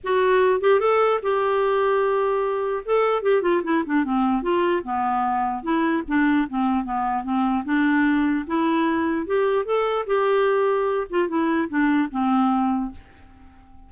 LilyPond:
\new Staff \with { instrumentName = "clarinet" } { \time 4/4 \tempo 4 = 149 fis'4. g'8 a'4 g'4~ | g'2. a'4 | g'8 f'8 e'8 d'8 c'4 f'4 | b2 e'4 d'4 |
c'4 b4 c'4 d'4~ | d'4 e'2 g'4 | a'4 g'2~ g'8 f'8 | e'4 d'4 c'2 | }